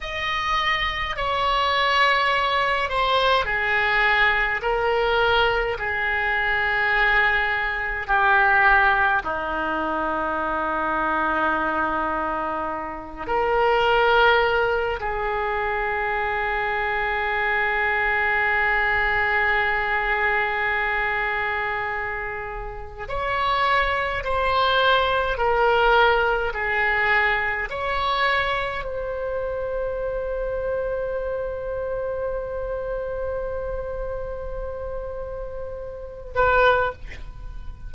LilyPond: \new Staff \with { instrumentName = "oboe" } { \time 4/4 \tempo 4 = 52 dis''4 cis''4. c''8 gis'4 | ais'4 gis'2 g'4 | dis'2.~ dis'8 ais'8~ | ais'4 gis'2.~ |
gis'1 | cis''4 c''4 ais'4 gis'4 | cis''4 c''2.~ | c''2.~ c''8 b'8 | }